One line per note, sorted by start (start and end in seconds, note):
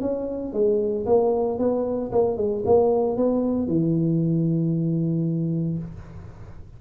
0.00 0.52 C#4
0.52 1.05 G#3
1.06 1.58 A#3
1.58 2.11 B3
2.11 2.37 A#3
2.37 2.63 G#3
2.65 3.16 A#3
3.16 3.67 B3
3.67 5.78 E3